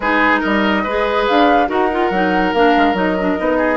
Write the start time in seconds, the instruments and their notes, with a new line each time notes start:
0.00 bassoon G#3, clarinet D#4, oboe G#4, flute B4
0.40 bassoon G3, oboe A#4, flute D#5
0.83 bassoon G#3, clarinet G#4, oboe B4
1.27 bassoon D4, flute F5
1.67 bassoon D#4, clarinet F#4, oboe A#4, flute F#5
1.91 clarinet F4
2.10 bassoon F#3, clarinet D#4
2.53 bassoon A#3, clarinet D4, flute F5
2.77 bassoon G#3
2.93 bassoon F#3, clarinet D#4, flute D#5
3.19 clarinet D4
3.37 bassoon B3, clarinet D#4
3.57 oboe G#4